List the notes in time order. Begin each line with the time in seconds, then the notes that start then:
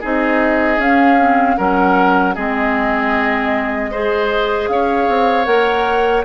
0.00 C4 D#4 G#4 D#5
0.78 C#4 F5
1.19 C4
1.57 F#3 C#4 A#4 F#5
2.35 G#3 C4 G#4 D#5
3.91 G#4 C5
4.68 C#4 C#5 F5
5.08 C4
5.45 A#3 A#4 F#5